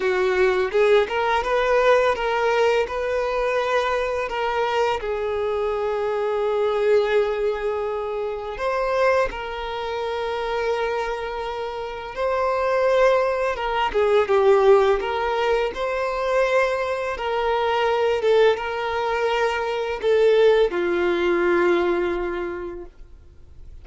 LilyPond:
\new Staff \with { instrumentName = "violin" } { \time 4/4 \tempo 4 = 84 fis'4 gis'8 ais'8 b'4 ais'4 | b'2 ais'4 gis'4~ | gis'1 | c''4 ais'2.~ |
ais'4 c''2 ais'8 gis'8 | g'4 ais'4 c''2 | ais'4. a'8 ais'2 | a'4 f'2. | }